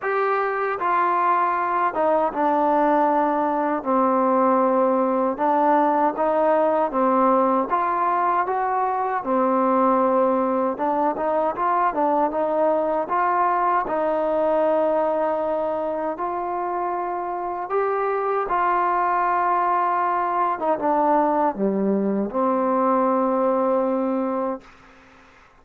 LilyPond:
\new Staff \with { instrumentName = "trombone" } { \time 4/4 \tempo 4 = 78 g'4 f'4. dis'8 d'4~ | d'4 c'2 d'4 | dis'4 c'4 f'4 fis'4 | c'2 d'8 dis'8 f'8 d'8 |
dis'4 f'4 dis'2~ | dis'4 f'2 g'4 | f'2~ f'8. dis'16 d'4 | g4 c'2. | }